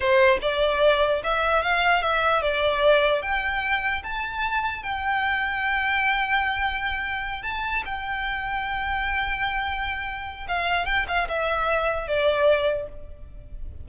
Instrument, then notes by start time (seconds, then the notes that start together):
violin
0.00 C5
0.41 D5
1.23 E5
1.62 F5
2.01 E5
2.42 D5
3.22 G5
4.03 A5
4.82 G5
7.43 A5
7.85 G5
10.48 F5
10.85 G5
11.07 F5
11.28 E5
12.07 D5